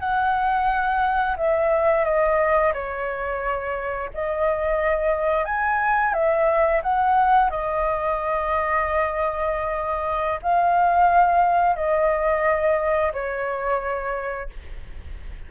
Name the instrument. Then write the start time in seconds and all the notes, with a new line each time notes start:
flute
0.00 F#5
1.37 E5
2.05 D#5
2.74 C#5
4.14 D#5
5.45 G#5
6.14 E5
6.83 F#5
7.51 D#5
10.43 F5
11.76 D#5
13.13 C#5